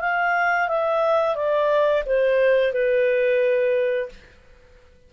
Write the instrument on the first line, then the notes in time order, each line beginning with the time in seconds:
clarinet
0.00 F5
0.68 E5
1.35 D5
2.06 C5
2.72 B4